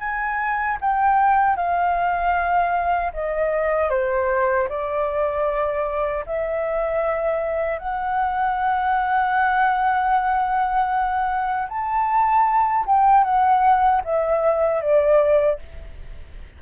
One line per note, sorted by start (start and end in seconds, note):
0.00 0.78 G#5
0.81 1.57 G5
1.57 3.12 F5
3.14 3.90 D#5
3.90 4.68 C5
4.69 6.25 D5
6.26 7.79 E5
7.79 11.68 F#5
11.69 12.86 A5
12.86 13.24 G5
13.24 14.02 F#5
14.04 14.81 E5
14.81 15.59 D5